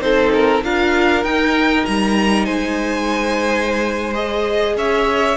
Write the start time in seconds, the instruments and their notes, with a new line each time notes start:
0.00 cello C4, viola D#4, violin A4 C5
0.33 violin A#4
0.64 cello D4, viola F4, violin A#4 F5
1.24 cello D#4, viola D#4, violin G5
1.85 cello G3, violin A#5
2.45 cello G#3, violin C5 G#5
4.14 viola G#4, violin D#5
4.77 cello C#4, violin C#5 E5